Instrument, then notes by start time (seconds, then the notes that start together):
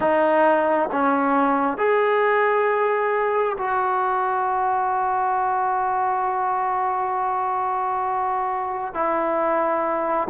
trombone
0.00 D#4
0.92 C#4
1.77 G#4
3.57 F#4
8.93 E4